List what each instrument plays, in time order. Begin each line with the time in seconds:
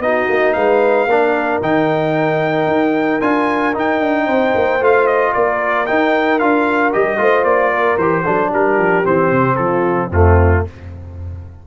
0.00 tuba B3, trombone D#4, horn F#4, trumpet D#5
0.29 tuba A#3
0.53 tuba G#3, horn B4, trumpet F5
1.06 tuba A#3, trombone D4, horn A#4
1.62 tuba D#3, trombone D#4, trumpet G5
2.67 tuba D#4
3.21 tuba D4, trombone F4, trumpet G#5
3.74 trombone D#4, tuba D#4, trumpet G5
4.01 tuba D4
4.26 tuba C4, horn C5
4.55 tuba A#3
4.80 tuba A3, trombone F4, trumpet F5
5.07 trumpet D#5
5.34 tuba A#3, horn A#4, trumpet D5
5.87 trombone D#4, tuba D#4, trumpet G5
6.39 tuba D4, trombone F4, trumpet F5
6.93 tuba G3, trombone G4, trumpet D#5
7.18 tuba A3, trombone F4, horn C5
7.44 tuba A#3, trumpet D5
7.72 horn A#4
7.98 tuba E3, trombone G4, trumpet C5
8.23 tuba F#3, trombone D4, horn A4
8.51 tuba G3, horn G4, trumpet A#4
8.78 tuba F3
9.04 tuba E3, trombone C4, trumpet C5
9.32 tuba C3
9.56 tuba F3, horn F4, trumpet A4
10.08 tuba F2, trombone A3, horn C4, trumpet F4